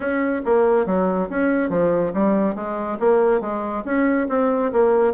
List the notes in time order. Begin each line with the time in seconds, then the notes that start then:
0.00 C#4
0.45 A#3
0.86 F#3
1.29 C#4
1.69 F3
2.13 G3
2.55 G#3
2.99 A#3
3.40 G#3
3.85 C#4
4.29 C4
4.72 A#3